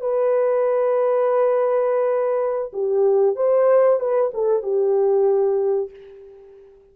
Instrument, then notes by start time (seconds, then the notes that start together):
horn
0.00 B4
2.73 G4
3.35 C5
3.99 B4
4.33 A4
4.62 G4